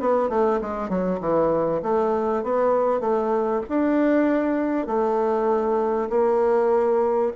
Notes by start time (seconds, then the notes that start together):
0.00 B3
0.29 A3
0.62 G#3
0.90 F#3
1.21 E3
1.83 A3
2.44 B3
3.01 A3
3.69 D4
4.87 A3
6.09 A#3